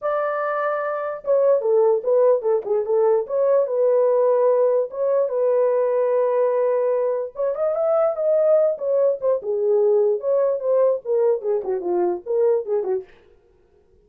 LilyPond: \new Staff \with { instrumentName = "horn" } { \time 4/4 \tempo 4 = 147 d''2. cis''4 | a'4 b'4 a'8 gis'8 a'4 | cis''4 b'2. | cis''4 b'2.~ |
b'2 cis''8 dis''8 e''4 | dis''4. cis''4 c''8 gis'4~ | gis'4 cis''4 c''4 ais'4 | gis'8 fis'8 f'4 ais'4 gis'8 fis'8 | }